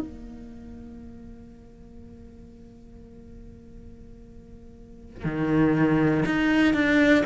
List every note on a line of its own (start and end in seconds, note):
0.00 5.25 A#3
5.25 6.25 D#3
6.25 6.74 D#4
6.74 7.24 D4